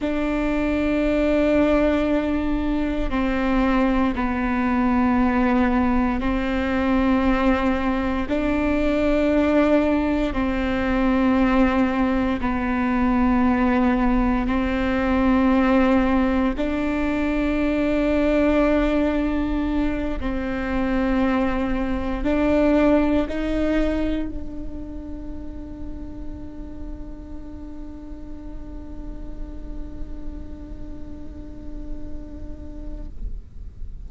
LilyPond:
\new Staff \with { instrumentName = "viola" } { \time 4/4 \tempo 4 = 58 d'2. c'4 | b2 c'2 | d'2 c'2 | b2 c'2 |
d'2.~ d'8 c'8~ | c'4. d'4 dis'4 d'8~ | d'1~ | d'1 | }